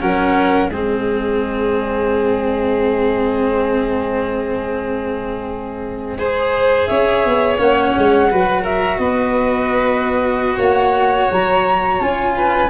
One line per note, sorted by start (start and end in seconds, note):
0.00 0.70 F#3
0.00 0.71 C#4
0.00 0.71 A#4
0.00 0.69 F#5
0.69 6.87 G#3
0.69 6.18 C4
0.69 6.18 G#4
0.69 6.86 D#5
6.18 7.58 G#4
6.18 6.89 C5
6.86 7.25 C#4
6.86 8.30 C#5
6.86 7.57 E5
7.25 7.59 B3
7.58 7.94 A#3
7.58 8.29 C#4
7.58 8.65 F#5
7.98 8.32 G#3
8.30 8.99 F#3
8.30 12.00 F#4
8.30 8.63 B4
8.63 8.98 A#4
8.63 8.99 E5
8.99 10.57 B3
8.99 10.56 B4
8.99 10.58 D#5
10.56 11.29 A#3
10.56 12.32 C#5
10.56 11.31 F#5
11.32 12.01 F#3
11.32 12.02 A#5
12.01 12.70 C#4
12.01 12.70 F4
12.01 12.70 G#5
12.36 12.70 B4